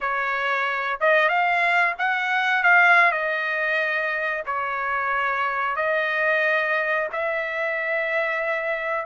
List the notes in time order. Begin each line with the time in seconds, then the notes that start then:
0.00 C#5
1.00 D#5
1.29 F5
1.98 F#5
2.63 F5
3.11 D#5
4.46 C#5
5.76 D#5
7.12 E5